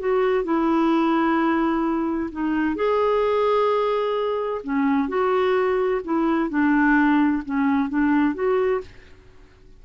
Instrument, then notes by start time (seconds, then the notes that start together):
clarinet
0.00 F#4
0.45 E4
2.32 D#4
2.76 G#4
4.64 C#4
5.09 F#4
6.05 E4
6.50 D4
7.46 C#4
7.90 D4
8.35 F#4